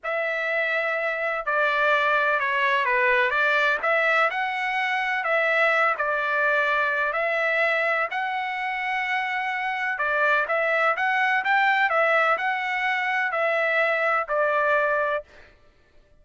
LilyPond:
\new Staff \with { instrumentName = "trumpet" } { \time 4/4 \tempo 4 = 126 e''2. d''4~ | d''4 cis''4 b'4 d''4 | e''4 fis''2 e''4~ | e''8 d''2~ d''8 e''4~ |
e''4 fis''2.~ | fis''4 d''4 e''4 fis''4 | g''4 e''4 fis''2 | e''2 d''2 | }